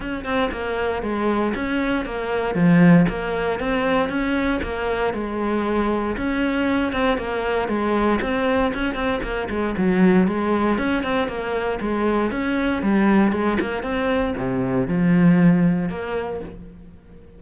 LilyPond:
\new Staff \with { instrumentName = "cello" } { \time 4/4 \tempo 4 = 117 cis'8 c'8 ais4 gis4 cis'4 | ais4 f4 ais4 c'4 | cis'4 ais4 gis2 | cis'4. c'8 ais4 gis4 |
c'4 cis'8 c'8 ais8 gis8 fis4 | gis4 cis'8 c'8 ais4 gis4 | cis'4 g4 gis8 ais8 c'4 | c4 f2 ais4 | }